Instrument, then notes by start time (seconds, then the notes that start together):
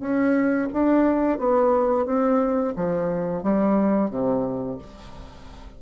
bassoon
0.00 C#4
0.73 D4
1.38 B3
2.06 C4
2.76 F3
3.43 G3
4.10 C3